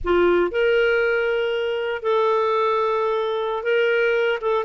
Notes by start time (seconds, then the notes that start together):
0.04 F4
0.51 A#4
2.02 A4
3.63 A#4
4.41 A4